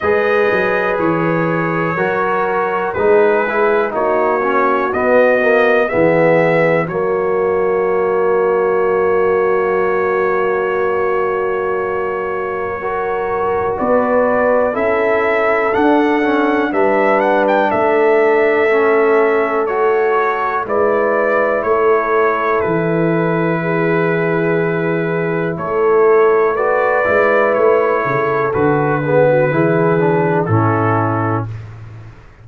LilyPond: <<
  \new Staff \with { instrumentName = "trumpet" } { \time 4/4 \tempo 4 = 61 dis''4 cis''2 b'4 | cis''4 dis''4 e''4 cis''4~ | cis''1~ | cis''2 d''4 e''4 |
fis''4 e''8 fis''16 g''16 e''2 | cis''4 d''4 cis''4 b'4~ | b'2 cis''4 d''4 | cis''4 b'2 a'4 | }
  \new Staff \with { instrumentName = "horn" } { \time 4/4 b'2 ais'4 gis'4 | fis'2 gis'4 fis'4~ | fis'1~ | fis'4 ais'4 b'4 a'4~ |
a'4 b'4 a'2~ | a'4 b'4 a'2 | gis'2 a'4 b'4~ | b'8 a'4 gis'16 fis'16 gis'4 e'4 | }
  \new Staff \with { instrumentName = "trombone" } { \time 4/4 gis'2 fis'4 dis'8 e'8 | dis'8 cis'8 b8 ais8 b4 ais4~ | ais1~ | ais4 fis'2 e'4 |
d'8 cis'8 d'2 cis'4 | fis'4 e'2.~ | e'2. fis'8 e'8~ | e'4 fis'8 b8 e'8 d'8 cis'4 | }
  \new Staff \with { instrumentName = "tuba" } { \time 4/4 gis8 fis8 e4 fis4 gis4 | ais4 b4 e4 fis4~ | fis1~ | fis2 b4 cis'4 |
d'4 g4 a2~ | a4 gis4 a4 e4~ | e2 a4. gis8 | a8 cis8 d4 e4 a,4 | }
>>